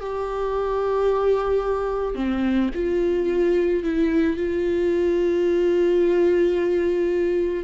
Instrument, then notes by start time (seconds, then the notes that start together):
viola
0.00 G4
2.15 C4
2.74 F4
3.83 E4
4.36 F4